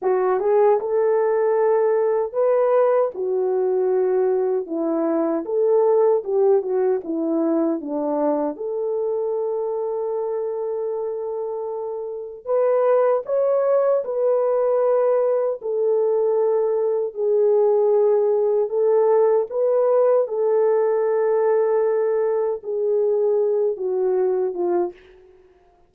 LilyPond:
\new Staff \with { instrumentName = "horn" } { \time 4/4 \tempo 4 = 77 fis'8 gis'8 a'2 b'4 | fis'2 e'4 a'4 | g'8 fis'8 e'4 d'4 a'4~ | a'1 |
b'4 cis''4 b'2 | a'2 gis'2 | a'4 b'4 a'2~ | a'4 gis'4. fis'4 f'8 | }